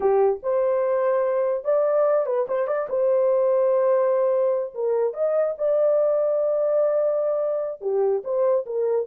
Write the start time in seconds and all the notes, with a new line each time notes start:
0.00 G4
0.42 C5
1.64 D5
2.26 B4
2.48 C5
2.67 D5
2.89 C5
4.74 A#4
5.13 D#5
5.58 D5
7.81 G4
8.24 C5
8.66 A#4